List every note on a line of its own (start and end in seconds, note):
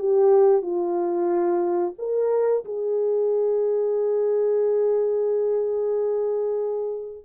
0.00 0.63 G4
0.63 1.95 F4
1.99 2.65 A#4
2.65 7.25 G#4